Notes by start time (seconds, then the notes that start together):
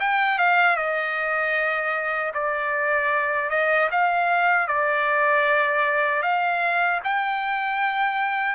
0.00 G5
0.39 F5
0.77 D#5
2.34 D5
3.50 D#5
3.91 F5
4.68 D5
6.22 F5
7.04 G5